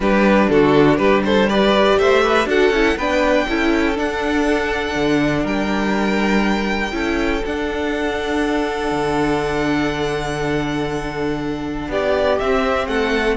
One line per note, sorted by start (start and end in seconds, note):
0.00 0.47 G3
0.00 1.49 D4
0.00 0.50 G4
0.00 0.49 B4
0.49 0.99 D3
0.49 0.98 F#4
0.49 0.97 A4
0.97 1.98 G3
0.97 1.23 G4
0.97 1.21 B4
1.24 1.48 A4
1.24 1.49 C5
1.48 2.46 G4
1.48 1.98 B4
1.48 1.99 D5
1.98 2.45 A3
1.98 2.23 C5
1.98 2.48 E5
2.23 2.48 B4
2.45 2.69 D4
2.45 2.71 F#4
2.45 2.97 A4
2.45 2.98 F#5
2.69 2.94 C#4
2.69 2.99 E4
2.96 3.45 B3
2.96 3.48 D4
2.96 3.46 B4
2.96 3.97 G5
3.48 3.98 C#4
3.48 3.95 E4
3.48 5.43 A4
3.95 6.91 D4
3.95 4.95 D4
3.95 5.46 F#5
4.95 5.44 D3
5.43 6.92 G3
5.43 6.92 A#4
5.43 7.45 G5
6.91 7.42 C#4
6.91 7.41 E4
6.91 11.89 A4
7.45 8.91 D4
7.45 12.41 D4
7.45 11.91 F#5
8.91 11.88 D3
11.88 12.37 B3
11.88 12.88 G4
11.88 12.39 D5
12.39 13.36 C4
12.39 12.87 C4
12.39 12.87 E5
12.87 13.36 A3
12.87 13.36 A4
12.87 13.36 F#5